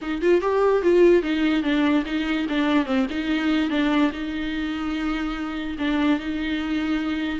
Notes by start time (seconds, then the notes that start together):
0.01 D#4
0.21 F4
0.41 G4
0.82 F4
1.22 D#4
1.62 D4
2.05 D#4
2.48 D4
2.85 C4
3.09 D#4
3.69 D4
4.12 D#4
5.78 D4
6.19 D#4